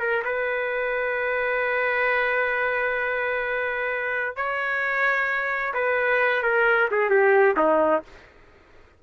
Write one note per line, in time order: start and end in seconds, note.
0.00 0.23 A#4
0.25 4.36 B4
4.36 5.74 C#5
5.74 6.43 B4
6.43 6.89 A#4
6.91 7.10 G#4
7.10 7.56 G4
7.57 8.03 D#4